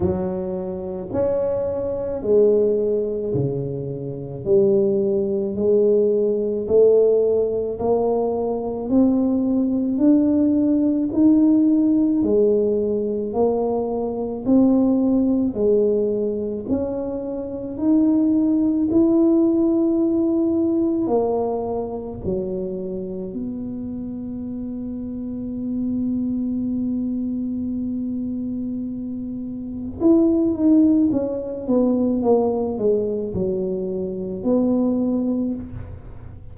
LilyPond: \new Staff \with { instrumentName = "tuba" } { \time 4/4 \tempo 4 = 54 fis4 cis'4 gis4 cis4 | g4 gis4 a4 ais4 | c'4 d'4 dis'4 gis4 | ais4 c'4 gis4 cis'4 |
dis'4 e'2 ais4 | fis4 b2.~ | b2. e'8 dis'8 | cis'8 b8 ais8 gis8 fis4 b4 | }